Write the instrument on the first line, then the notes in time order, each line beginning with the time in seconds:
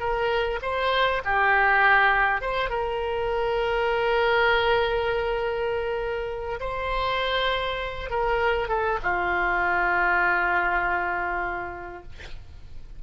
oboe
0.00 A#4
0.62 C5
1.25 G4
2.42 C5
2.70 A#4
6.61 C5
8.10 A#4
8.69 A4
9.03 F4